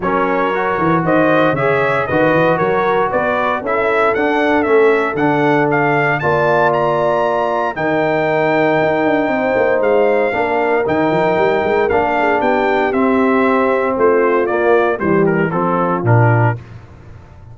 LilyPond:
<<
  \new Staff \with { instrumentName = "trumpet" } { \time 4/4 \tempo 4 = 116 cis''2 dis''4 e''4 | dis''4 cis''4 d''4 e''4 | fis''4 e''4 fis''4 f''4 | a''4 ais''2 g''4~ |
g''2. f''4~ | f''4 g''2 f''4 | g''4 e''2 c''4 | d''4 c''8 ais'8 a'4 ais'4 | }
  \new Staff \with { instrumentName = "horn" } { \time 4/4 ais'2 c''4 cis''4 | b'4 ais'4 b'4 a'4~ | a'1 | d''2. ais'4~ |
ais'2 c''2 | ais'2.~ ais'8 gis'8 | g'2. f'4~ | f'4 g'4 f'2 | }
  \new Staff \with { instrumentName = "trombone" } { \time 4/4 cis'4 fis'2 gis'4 | fis'2. e'4 | d'4 cis'4 d'2 | f'2. dis'4~ |
dis'1 | d'4 dis'2 d'4~ | d'4 c'2. | ais4 g4 c'4 d'4 | }
  \new Staff \with { instrumentName = "tuba" } { \time 4/4 fis4. e8 dis4 cis4 | dis8 e8 fis4 b4 cis'4 | d'4 a4 d2 | ais2. dis4~ |
dis4 dis'8 d'8 c'8 ais8 gis4 | ais4 dis8 f8 g8 gis8 ais4 | b4 c'2 a4 | ais4 e4 f4 ais,4 | }
>>